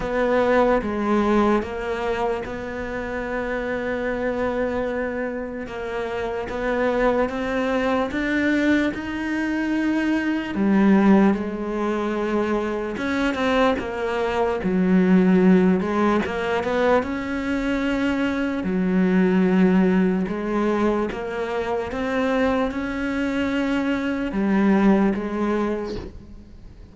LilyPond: \new Staff \with { instrumentName = "cello" } { \time 4/4 \tempo 4 = 74 b4 gis4 ais4 b4~ | b2. ais4 | b4 c'4 d'4 dis'4~ | dis'4 g4 gis2 |
cis'8 c'8 ais4 fis4. gis8 | ais8 b8 cis'2 fis4~ | fis4 gis4 ais4 c'4 | cis'2 g4 gis4 | }